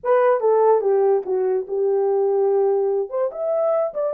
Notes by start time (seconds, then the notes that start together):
0.03 B4
0.40 A4
0.81 G4
1.25 F#4
1.67 G4
3.09 C5
3.31 E5
3.94 D5